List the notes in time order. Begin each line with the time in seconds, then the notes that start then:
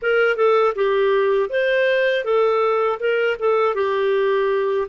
0.01 A#4
0.36 A4
0.75 G4
1.49 C5
2.24 A4
2.99 A#4
3.39 A4
3.75 G4